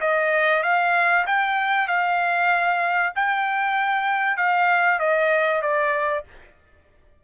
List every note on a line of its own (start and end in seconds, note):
0.00 0.62 D#5
0.62 1.25 F5
1.26 1.88 G5
1.88 3.12 F5
3.15 4.37 G5
4.37 4.99 F5
4.99 5.61 D#5
5.61 6.24 D5